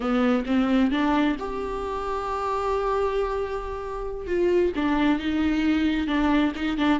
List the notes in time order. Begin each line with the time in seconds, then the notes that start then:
0.00 B3
0.46 C4
0.91 D4
1.39 G4
4.27 F4
4.75 D4
5.19 D#4
6.07 D4
6.55 D#4
6.77 D4